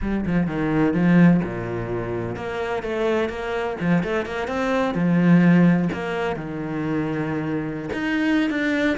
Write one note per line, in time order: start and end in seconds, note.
0.01 0.25 G3
0.26 0.46 F3
0.46 0.93 D#3
0.93 1.40 F3
1.44 2.36 A#2
2.36 2.82 A#3
2.82 3.29 A3
3.29 3.76 A#3
3.80 4.03 F3
4.03 4.25 A3
4.25 4.47 A#3
4.47 4.94 C4
4.94 5.88 F3
5.92 6.36 A#3
6.36 7.89 D#3
7.92 8.50 D#4
8.50 8.97 D4